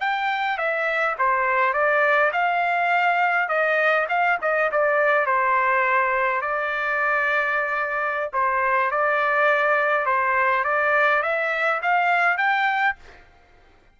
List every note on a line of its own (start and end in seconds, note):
0.00 0.57 G5
0.57 1.16 E5
1.18 1.73 C5
1.73 2.31 D5
2.32 3.48 F5
3.48 4.06 D#5
4.09 4.38 F5
4.41 4.70 D#5
4.71 5.26 D5
5.26 6.41 C5
6.41 8.30 D5
8.33 8.91 C5
8.91 10.06 D5
10.06 10.64 C5
10.64 11.22 D5
11.22 11.81 E5
11.82 12.37 F5
12.37 12.96 G5